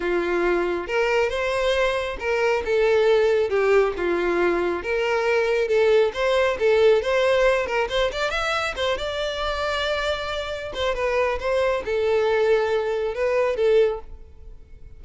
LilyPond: \new Staff \with { instrumentName = "violin" } { \time 4/4 \tempo 4 = 137 f'2 ais'4 c''4~ | c''4 ais'4 a'2 | g'4 f'2 ais'4~ | ais'4 a'4 c''4 a'4 |
c''4. ais'8 c''8 d''8 e''4 | c''8 d''2.~ d''8~ | d''8 c''8 b'4 c''4 a'4~ | a'2 b'4 a'4 | }